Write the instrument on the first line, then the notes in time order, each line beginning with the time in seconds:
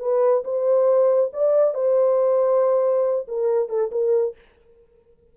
horn
0.00 B4
0.44 C5
1.33 D5
1.74 C5
3.28 A#4
3.69 A4
3.92 A#4